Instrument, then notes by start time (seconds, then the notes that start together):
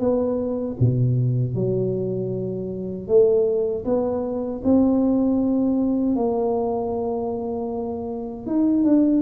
tuba
0.00 B3
0.80 B2
1.55 F#3
3.08 A3
3.85 B3
4.65 C4
6.16 A#3
8.47 D#4
8.84 D4